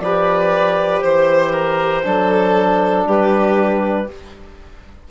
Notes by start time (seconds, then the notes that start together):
0.00 F3 G4 B4 D5
1.00 E3 C5
1.52 A#4
2.03 F#3 D4 A4
3.06 G3 G4 B4